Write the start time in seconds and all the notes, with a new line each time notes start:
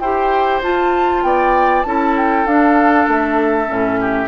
0.00 E4 G4 C5 G5
0.63 F4 A5
1.23 B3 D5 G5
1.83 C#4 E4 A4 A5
2.17 G5
2.46 D4 F5
3.08 A3 E5
3.68 A2 C#4
4.01 G4